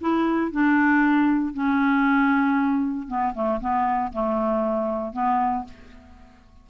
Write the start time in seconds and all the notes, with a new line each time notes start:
0.00 E4
0.51 D4
1.53 C#4
3.08 B3
3.34 A3
3.60 B3
4.12 A3
5.13 B3